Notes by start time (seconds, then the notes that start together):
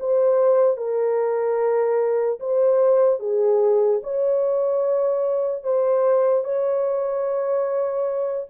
0.00 C5
0.77 A#4
2.40 C5
3.20 G#4
4.03 C#5
5.64 C5
6.44 C#5